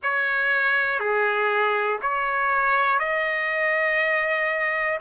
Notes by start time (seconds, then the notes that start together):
0.02 C#5
0.99 G#4
2.01 C#5
2.99 D#5